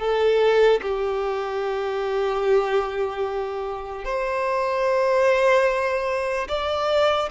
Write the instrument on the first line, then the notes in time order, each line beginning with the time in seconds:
violin
0.00 A4
0.82 G4
4.05 C5
6.49 D5